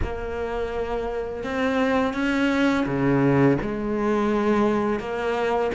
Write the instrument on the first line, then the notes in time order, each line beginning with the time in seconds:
cello
0.02 A#3
1.43 C4
2.13 C#4
2.86 C#3
3.61 G#3
4.99 A#3